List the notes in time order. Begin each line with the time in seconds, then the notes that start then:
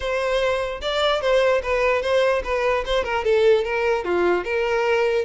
0.00 C5
0.81 D5
1.21 C5
1.62 B4
2.02 C5
2.43 B4
2.85 C5
3.04 A#4
3.24 A4
3.64 A#4
4.04 F4
4.44 A#4